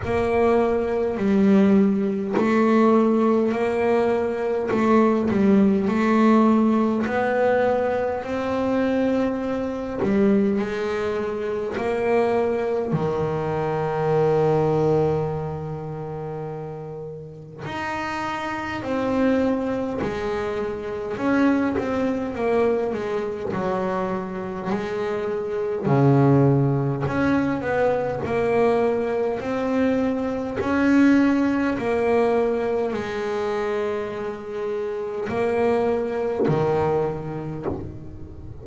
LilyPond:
\new Staff \with { instrumentName = "double bass" } { \time 4/4 \tempo 4 = 51 ais4 g4 a4 ais4 | a8 g8 a4 b4 c'4~ | c'8 g8 gis4 ais4 dis4~ | dis2. dis'4 |
c'4 gis4 cis'8 c'8 ais8 gis8 | fis4 gis4 cis4 cis'8 b8 | ais4 c'4 cis'4 ais4 | gis2 ais4 dis4 | }